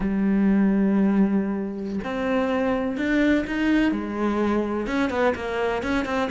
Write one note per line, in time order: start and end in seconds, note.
0.00 1.99 G3
2.03 2.97 C4
2.97 3.44 D4
3.46 3.91 D#4
3.91 4.86 G#3
4.86 5.10 C#4
5.10 5.33 B3
5.35 5.82 A#3
5.82 6.05 C#4
6.05 6.29 C4